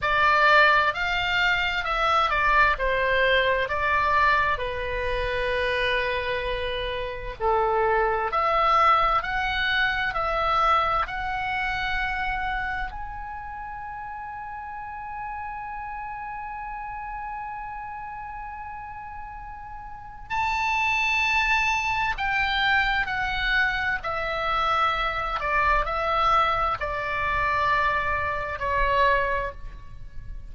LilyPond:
\new Staff \with { instrumentName = "oboe" } { \time 4/4 \tempo 4 = 65 d''4 f''4 e''8 d''8 c''4 | d''4 b'2. | a'4 e''4 fis''4 e''4 | fis''2 gis''2~ |
gis''1~ | gis''2 a''2 | g''4 fis''4 e''4. d''8 | e''4 d''2 cis''4 | }